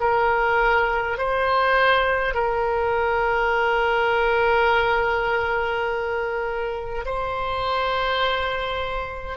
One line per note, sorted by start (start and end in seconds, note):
0.00 1.18 A#4
1.18 2.34 C5
2.34 7.05 A#4
7.05 9.37 C5